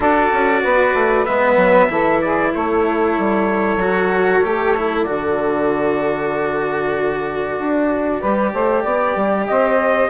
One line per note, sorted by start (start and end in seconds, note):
0.00 0.30 D4
0.00 1.25 F#4
0.00 0.62 A4
0.00 1.25 D5
0.32 0.64 C#4
0.62 0.94 B3
0.62 1.89 B4
0.94 1.25 A3
1.25 1.56 G#3
1.25 1.89 B3
1.25 2.20 E5
1.56 1.88 F#3
1.89 2.52 E3
1.89 3.78 E4
1.89 2.22 A4
2.21 2.50 G#4
2.21 2.52 D5
2.50 3.18 A3
2.50 8.19 A4
2.50 5.02 C#5
3.18 3.77 G3
3.77 4.40 F#3
3.77 4.43 F#4
4.44 5.07 A3
4.44 4.75 G4
4.76 5.06 E4
5.02 7.58 D3
5.02 8.21 F#4
5.02 9.44 D5
7.58 8.21 D4
8.20 8.53 G3
8.20 10.09 G4
8.20 8.52 B4
8.53 8.84 A3
8.53 8.82 C5
8.82 9.16 B3
8.82 9.46 D5
9.16 9.47 G3
9.47 10.09 C4
9.47 10.09 C5
9.47 10.09 D#5